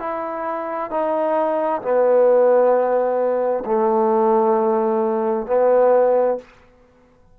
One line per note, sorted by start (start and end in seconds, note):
0.00 0.91 E4
0.91 1.82 D#4
1.82 3.64 B3
3.66 5.47 A3
5.47 6.38 B3